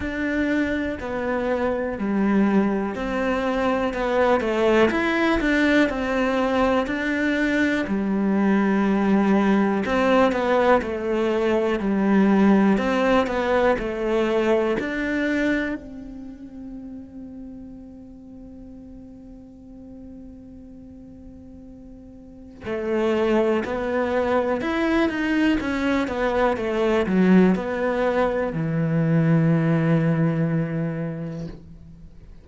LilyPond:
\new Staff \with { instrumentName = "cello" } { \time 4/4 \tempo 4 = 61 d'4 b4 g4 c'4 | b8 a8 e'8 d'8 c'4 d'4 | g2 c'8 b8 a4 | g4 c'8 b8 a4 d'4 |
c'1~ | c'2. a4 | b4 e'8 dis'8 cis'8 b8 a8 fis8 | b4 e2. | }